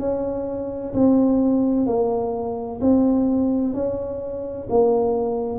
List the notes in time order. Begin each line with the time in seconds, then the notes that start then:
0.00 C#4
0.94 C4
1.87 A#3
2.81 C4
3.74 C#4
4.70 A#3